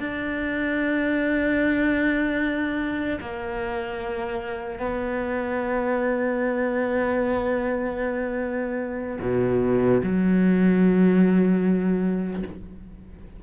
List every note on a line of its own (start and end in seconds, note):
0.00 3.20 D4
3.21 4.80 A#3
4.80 9.20 B3
9.22 10.02 B2
10.03 12.43 F#3